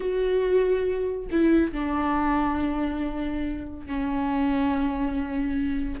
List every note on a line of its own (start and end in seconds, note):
0.00 1.27 F#4
1.31 1.72 E4
1.72 3.86 D4
3.86 6.00 C#4